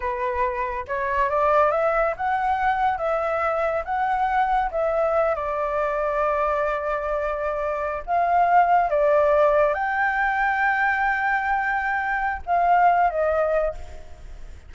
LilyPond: \new Staff \with { instrumentName = "flute" } { \time 4/4 \tempo 4 = 140 b'2 cis''4 d''4 | e''4 fis''2 e''4~ | e''4 fis''2 e''4~ | e''8 d''2.~ d''8~ |
d''2~ d''8. f''4~ f''16~ | f''8. d''2 g''4~ g''16~ | g''1~ | g''4 f''4. dis''4. | }